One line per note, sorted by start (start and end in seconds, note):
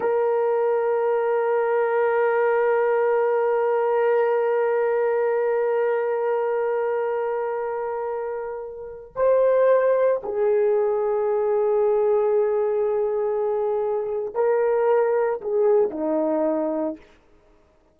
0.00 9.13 A#4
9.15 10.21 C5
10.23 14.34 G#4
14.34 15.40 A#4
15.41 15.90 G#4
15.90 16.96 D#4